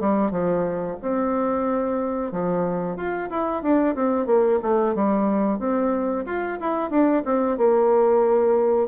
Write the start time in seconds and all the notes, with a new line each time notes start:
0.00 G3
0.31 F3
1.02 C4
2.32 F3
2.96 F4
3.30 E4
3.63 D4
3.95 C4
4.26 A#3
4.62 A3
4.95 G3
5.59 C4
6.26 F4
6.60 E4
6.90 D4
7.25 C4
7.57 A#3